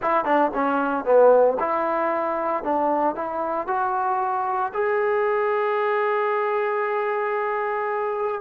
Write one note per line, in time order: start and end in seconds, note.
0.01 0.25 E4
0.25 0.51 D4
0.54 1.05 C#4
1.05 1.57 B3
1.59 2.63 E4
2.63 3.15 D4
3.15 3.67 E4
3.67 4.72 F#4
4.73 8.41 G#4